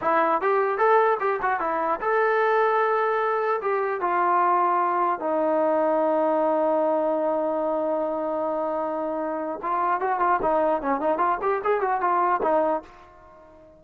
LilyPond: \new Staff \with { instrumentName = "trombone" } { \time 4/4 \tempo 4 = 150 e'4 g'4 a'4 g'8 fis'8 | e'4 a'2.~ | a'4 g'4 f'2~ | f'4 dis'2.~ |
dis'1~ | dis'1 | f'4 fis'8 f'8 dis'4 cis'8 dis'8 | f'8 g'8 gis'8 fis'8 f'4 dis'4 | }